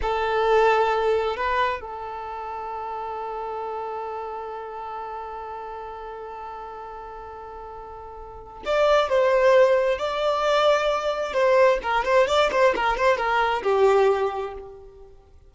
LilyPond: \new Staff \with { instrumentName = "violin" } { \time 4/4 \tempo 4 = 132 a'2. b'4 | a'1~ | a'1~ | a'1~ |
a'2. d''4 | c''2 d''2~ | d''4 c''4 ais'8 c''8 d''8 c''8 | ais'8 c''8 ais'4 g'2 | }